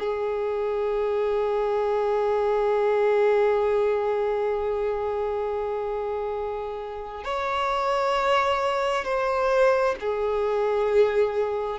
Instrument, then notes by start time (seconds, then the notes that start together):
violin
0.00 G#4
7.24 C#5
9.05 C5
10.00 G#4